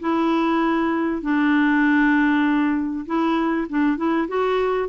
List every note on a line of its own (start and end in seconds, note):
0.00 1.22 E4
1.22 3.06 D4
3.06 3.68 E4
3.70 3.97 D4
3.97 4.28 E4
4.28 4.89 F#4